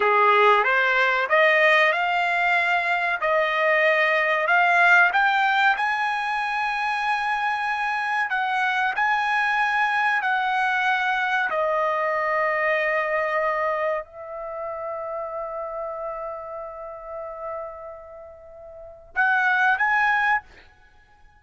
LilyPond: \new Staff \with { instrumentName = "trumpet" } { \time 4/4 \tempo 4 = 94 gis'4 c''4 dis''4 f''4~ | f''4 dis''2 f''4 | g''4 gis''2.~ | gis''4 fis''4 gis''2 |
fis''2 dis''2~ | dis''2 e''2~ | e''1~ | e''2 fis''4 gis''4 | }